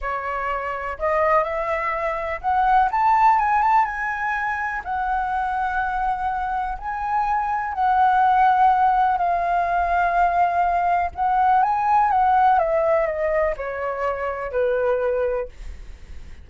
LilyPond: \new Staff \with { instrumentName = "flute" } { \time 4/4 \tempo 4 = 124 cis''2 dis''4 e''4~ | e''4 fis''4 a''4 gis''8 a''8 | gis''2 fis''2~ | fis''2 gis''2 |
fis''2. f''4~ | f''2. fis''4 | gis''4 fis''4 e''4 dis''4 | cis''2 b'2 | }